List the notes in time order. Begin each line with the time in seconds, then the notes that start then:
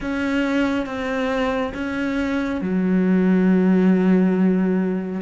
0.00 C#4
0.85 C4
1.74 C#4
2.61 F#3